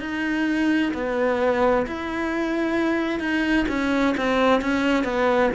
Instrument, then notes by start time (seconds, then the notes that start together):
cello
0.00 D#4
0.94 B3
1.87 E4
3.20 D#4
3.68 C#4
4.17 C4
4.61 C#4
5.04 B3